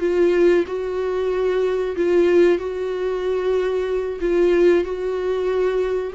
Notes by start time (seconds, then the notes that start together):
0.00 F4
0.67 F#4
1.96 F4
2.58 F#4
4.21 F4
4.84 F#4